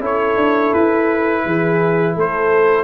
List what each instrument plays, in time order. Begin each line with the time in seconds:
0.00 tuba C#4, trombone E4, horn A4, trumpet C#5
0.37 tuba D4
0.73 tuba E4, trumpet B4
1.45 tuba E3, horn G#4
2.15 tuba A3, horn A4, trumpet C5